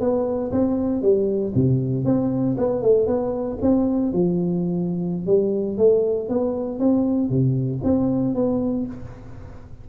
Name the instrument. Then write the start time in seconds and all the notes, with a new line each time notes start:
tuba
0.00 B3
0.52 C4
1.02 G3
1.55 C3
2.05 C4
2.58 B3
2.82 A3
3.07 B3
3.62 C4
4.13 F3
5.27 G3
5.78 A3
6.29 B3
6.79 C4
7.30 C3
7.84 C4
8.35 B3